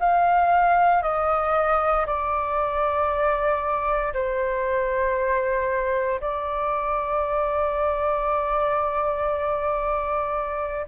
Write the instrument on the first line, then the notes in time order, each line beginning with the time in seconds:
flute
0.00 F5
1.03 D#5
2.06 D5
4.13 C5
6.21 D5